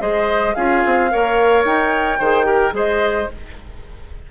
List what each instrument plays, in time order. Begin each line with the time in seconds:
0.00 bassoon G#3, clarinet G#4, oboe C5, flute D#5
0.55 bassoon C#4, clarinet F4, oboe G#4, flute F5
0.86 bassoon C4
1.10 bassoon A#3, clarinet A#4, oboe C#5
1.65 bassoon D#4, flute G5
2.19 bassoon D#3, clarinet G#4, oboe C5
2.44 clarinet G4, oboe A#4
2.71 bassoon G#3, clarinet G#4, oboe C5, flute D#5